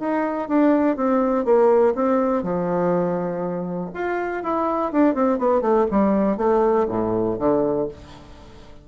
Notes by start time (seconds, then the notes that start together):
0.00 D#4
0.49 D4
0.97 C4
1.46 A#3
1.95 C4
2.43 F3
3.94 F4
4.44 E4
4.92 D4
5.15 C4
5.39 B3
5.62 A3
5.91 G3
6.38 A3
6.89 A2
7.39 D3